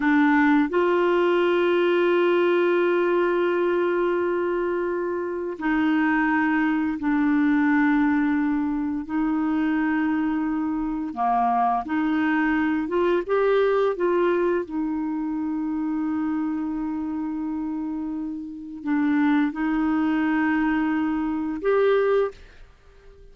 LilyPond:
\new Staff \with { instrumentName = "clarinet" } { \time 4/4 \tempo 4 = 86 d'4 f'2.~ | f'1 | dis'2 d'2~ | d'4 dis'2. |
ais4 dis'4. f'8 g'4 | f'4 dis'2.~ | dis'2. d'4 | dis'2. g'4 | }